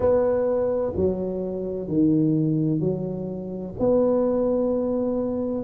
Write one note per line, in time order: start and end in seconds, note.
0.00 0.92 B3
0.96 1.87 F#3
1.87 2.80 D#3
2.80 3.73 F#3
3.79 5.64 B3